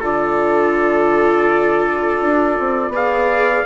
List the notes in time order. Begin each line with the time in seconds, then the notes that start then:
0.00 D3 F4 A4 D5
2.21 D4
2.60 C4
2.89 B3 G#4 D5
2.96 F5